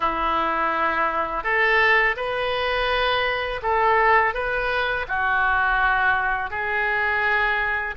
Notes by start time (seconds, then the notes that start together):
0.00 E4
1.43 A4
2.16 B4
3.62 A4
4.33 B4
5.08 F#4
6.50 G#4